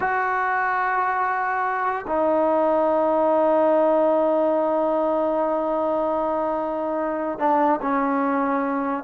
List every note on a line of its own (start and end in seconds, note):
0.00 2.05 F#4
2.07 7.38 D#4
7.38 7.80 D4
7.81 9.03 C#4